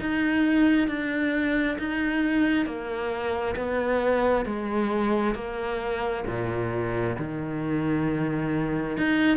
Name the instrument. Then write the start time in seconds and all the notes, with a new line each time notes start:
cello
0.00 D#4
0.88 D4
1.79 D#4
2.66 A#3
3.56 B3
4.46 G#3
5.35 A#3
6.26 A#2
7.19 D#3
8.98 D#4